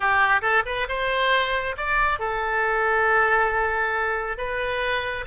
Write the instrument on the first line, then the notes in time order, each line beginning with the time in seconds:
oboe
0.00 G4
0.41 A4
0.65 B4
0.88 C5
1.77 D5
2.19 A4
4.37 B4